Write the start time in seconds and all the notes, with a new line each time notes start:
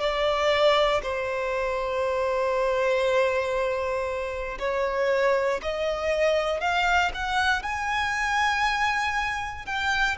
0.00 D5
1.02 C5
4.59 C#5
5.62 D#5
6.61 F5
7.14 F#5
7.63 G#5
9.66 G5